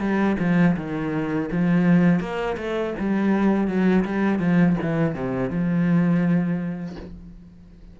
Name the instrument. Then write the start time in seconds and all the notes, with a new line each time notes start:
cello
0.00 G3
0.40 F3
0.77 D#3
1.52 F3
2.20 A#3
2.57 A3
2.99 G3
3.68 F#3
4.05 G3
4.40 F3
4.82 E3
5.15 C3
5.50 F3